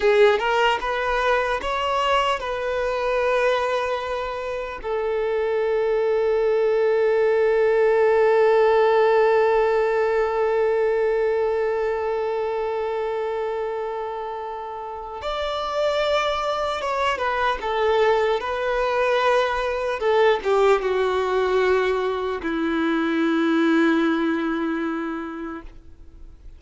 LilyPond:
\new Staff \with { instrumentName = "violin" } { \time 4/4 \tempo 4 = 75 gis'8 ais'8 b'4 cis''4 b'4~ | b'2 a'2~ | a'1~ | a'1~ |
a'2. d''4~ | d''4 cis''8 b'8 a'4 b'4~ | b'4 a'8 g'8 fis'2 | e'1 | }